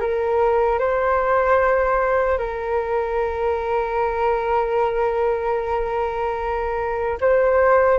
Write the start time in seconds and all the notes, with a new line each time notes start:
0.00 A#4
0.79 C5
2.38 A#4
7.21 C5